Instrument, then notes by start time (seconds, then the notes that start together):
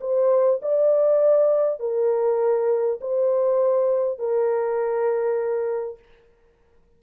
horn
0.00 C5
0.61 D5
1.79 A#4
3.00 C5
4.18 A#4